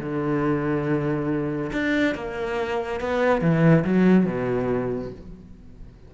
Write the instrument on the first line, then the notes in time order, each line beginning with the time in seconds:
cello
0.00 D3
1.73 D4
2.15 A#3
3.01 B3
3.41 E3
3.85 F#3
4.26 B2